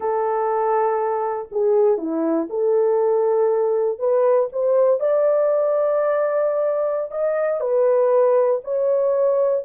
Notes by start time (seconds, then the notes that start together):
0.00 A4
1.51 G#4
1.97 E4
2.49 A4
3.98 B4
4.52 C5
5.00 D5
7.11 D#5
7.60 B4
8.64 C#5